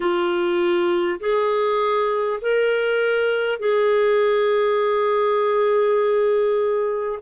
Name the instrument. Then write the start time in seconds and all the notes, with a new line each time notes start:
clarinet
0.00 F4
1.20 G#4
2.41 A#4
3.59 G#4